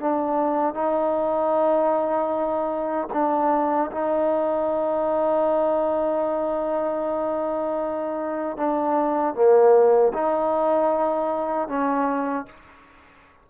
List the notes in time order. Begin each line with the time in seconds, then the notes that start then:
0.00 D4
0.74 D#4
3.13 D4
3.91 D#4
8.57 D4
9.34 A#3
10.13 D#4
11.68 C#4